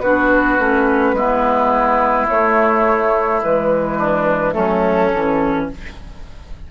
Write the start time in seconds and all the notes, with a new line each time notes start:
0.00 B3 D4 F#4 B4
0.59 A3 C#4
1.13 G#3 B3 E4
2.28 A3 C#5
3.42 E3 G#3 B4
3.97 D4
4.52 F#3 A3 C#4 A4
5.13 E3 C#4